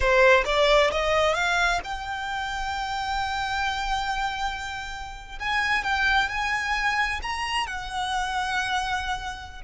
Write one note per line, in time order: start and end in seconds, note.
0.00 0.44 C5
0.45 0.91 D5
0.91 1.34 D#5
1.34 1.80 F5
1.83 5.38 G5
5.39 5.83 G#5
5.83 6.29 G5
6.29 7.20 G#5
7.22 7.67 A#5
7.67 9.61 F#5